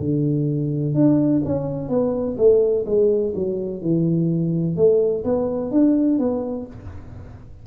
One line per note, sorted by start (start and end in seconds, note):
0.00 0.95 D3
0.95 1.42 D4
1.46 1.89 C#4
1.89 2.36 B3
2.38 2.86 A3
2.86 3.34 G#3
3.35 3.82 F#3
3.82 4.77 E3
4.77 5.25 A3
5.25 5.71 B3
5.71 6.19 D4
6.19 6.67 B3